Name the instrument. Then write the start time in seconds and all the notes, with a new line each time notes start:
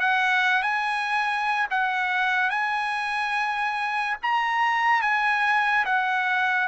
trumpet
0.00 F#5
0.62 G#5
1.70 F#5
2.50 G#5
4.23 A#5
5.02 G#5
5.85 F#5